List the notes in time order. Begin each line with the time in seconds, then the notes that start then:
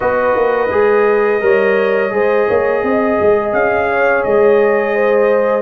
0.00 B3 F#4 B4 D#5
0.35 A#3
0.71 G#3 G#4
1.40 G3 A#4 C#5
2.10 G#3 G#4 C5
2.47 A#3 C#5
2.83 C4 D#5
3.20 G#3
3.52 C#4 F5
3.90 C#5
4.23 G#3 D#5
4.94 C5